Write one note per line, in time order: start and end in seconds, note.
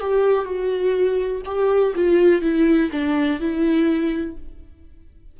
0.00 0.45 G4
0.45 1.42 F#4
1.45 1.93 G4
1.95 2.41 F4
2.41 2.90 E4
2.92 3.40 D4
3.40 4.37 E4